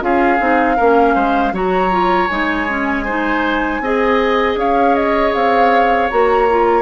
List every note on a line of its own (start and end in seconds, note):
0.00 0.39 C#4
0.00 0.38 F4
0.00 0.76 G#4
0.00 1.54 F5
0.38 0.78 C4
0.38 0.76 D#4
0.76 1.15 A#3
0.76 1.53 C#4
0.76 1.14 A#4
1.14 1.52 G#3
1.14 1.52 C5
1.52 2.28 F#3
1.52 1.91 F#4
1.52 3.05 C#5
1.52 2.28 A#5
1.91 2.29 F4
2.28 3.80 G#3
2.28 2.67 D#4
2.28 4.56 G#5
2.68 3.06 C#4
3.05 3.83 D#4
3.05 3.81 C5
3.80 4.55 C4
3.80 6.10 G#4
3.80 4.59 D#5
4.55 5.31 C#4
4.55 6.82 C#5
4.55 4.94 F5
4.94 5.32 D#5
5.33 6.10 C4
5.33 6.09 F5
6.09 6.82 A#3
6.09 6.48 F#4
6.09 6.82 A#5
6.50 6.82 F4